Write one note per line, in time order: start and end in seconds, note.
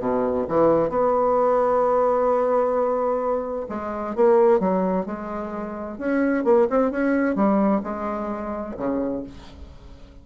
0.00 0.46 B2
0.48 0.90 E3
0.90 3.67 B3
3.69 4.16 G#3
4.16 4.60 A#3
4.60 5.06 F#3
5.06 5.99 G#3
5.99 6.45 C#4
6.45 6.68 A#3
6.70 6.91 C4
6.91 7.36 C#4
7.36 7.82 G3
7.84 8.76 G#3
8.78 9.24 C#3